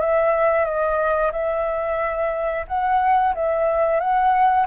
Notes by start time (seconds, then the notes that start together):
0.00 E5
0.64 D#5
1.32 E5
2.67 F#5
3.35 E5
3.99 F#5